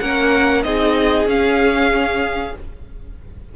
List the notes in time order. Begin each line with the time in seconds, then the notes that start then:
0.00 A#3 C#4 A#4 F#5
0.63 C4 D#4 G#4 D#5
1.26 C#4 F5